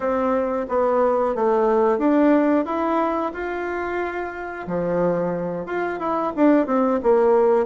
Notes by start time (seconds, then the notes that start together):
0.00 C4
0.68 B3
1.35 A3
1.98 D4
2.65 E4
3.33 F4
4.67 F3
5.66 F4
5.99 E4
6.35 D4
6.66 C4
7.02 A#3